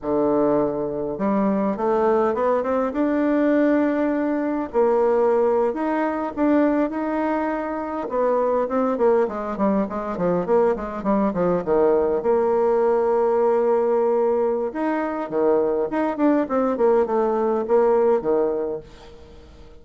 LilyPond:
\new Staff \with { instrumentName = "bassoon" } { \time 4/4 \tempo 4 = 102 d2 g4 a4 | b8 c'8 d'2. | ais4.~ ais16 dis'4 d'4 dis'16~ | dis'4.~ dis'16 b4 c'8 ais8 gis16~ |
gis16 g8 gis8 f8 ais8 gis8 g8 f8 dis16~ | dis8. ais2.~ ais16~ | ais4 dis'4 dis4 dis'8 d'8 | c'8 ais8 a4 ais4 dis4 | }